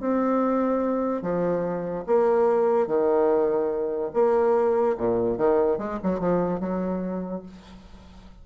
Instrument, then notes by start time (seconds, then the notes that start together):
bassoon
0.00 C4
1.22 F3
2.06 A#3
2.87 D#3
4.13 A#3
4.97 A#2
5.38 D#3
5.78 G#3
6.03 F#3
6.19 F3
6.60 F#3